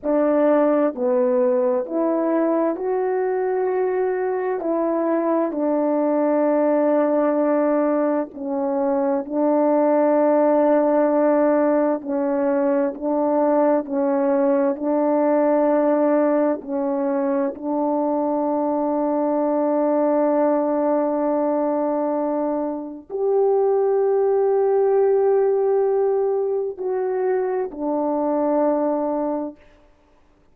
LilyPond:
\new Staff \with { instrumentName = "horn" } { \time 4/4 \tempo 4 = 65 d'4 b4 e'4 fis'4~ | fis'4 e'4 d'2~ | d'4 cis'4 d'2~ | d'4 cis'4 d'4 cis'4 |
d'2 cis'4 d'4~ | d'1~ | d'4 g'2.~ | g'4 fis'4 d'2 | }